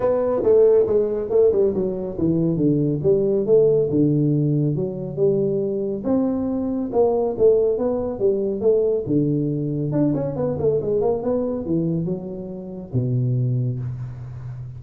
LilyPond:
\new Staff \with { instrumentName = "tuba" } { \time 4/4 \tempo 4 = 139 b4 a4 gis4 a8 g8 | fis4 e4 d4 g4 | a4 d2 fis4 | g2 c'2 |
ais4 a4 b4 g4 | a4 d2 d'8 cis'8 | b8 a8 gis8 ais8 b4 e4 | fis2 b,2 | }